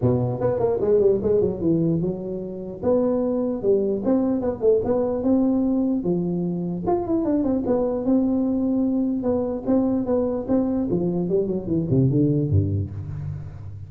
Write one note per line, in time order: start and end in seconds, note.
0.01 0.40 B2
0.40 0.59 B3
0.59 0.79 A#3
0.80 1.00 G#3
1.00 1.20 G3
1.22 1.40 G#3
1.40 1.60 F#3
1.60 2.01 E3
2.01 2.81 F#3
2.82 3.62 B3
3.62 4.02 G3
4.04 4.41 C4
4.41 4.61 B3
4.61 4.81 A3
4.84 5.23 B3
5.23 6.03 C4
6.03 6.84 F3
6.87 7.07 F4
7.07 7.25 E4
7.25 7.43 D4
7.43 7.63 C4
7.66 8.05 B3
8.05 9.23 C4
9.23 9.63 B3
9.66 10.06 C4
10.06 10.46 B3
10.48 10.88 C4
10.90 11.29 F3
11.29 11.47 G3
11.47 11.66 F#3
11.66 11.86 E3
11.90 12.10 C3
12.10 12.50 D3
12.50 12.90 G2